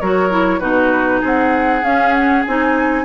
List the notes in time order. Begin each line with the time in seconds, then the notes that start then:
0.00 F#3 F#4 A#4 C#5
0.30 E4
0.59 B2 D#4 F#4 B4
1.21 C4 G#4 F#5
1.83 C#4 F5
2.12 F#5
2.45 C4 D#4 G#5